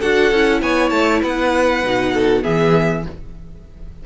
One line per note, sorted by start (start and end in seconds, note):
0.00 0.32 D4
0.00 0.33 F#4
0.00 0.61 A4
0.00 0.62 F#5
0.32 0.62 C#4
0.32 1.85 E4
0.62 0.92 B3
0.62 1.22 C#5
0.62 0.90 G#5
0.90 1.22 A3
0.90 1.20 A5
1.22 1.84 B3
1.22 2.13 B4
1.22 2.44 F#5
1.85 2.46 B2
1.85 2.43 D#4
2.14 2.44 A4
2.43 3.06 E3
2.43 3.04 B3
2.43 3.04 G#4
2.43 3.05 E5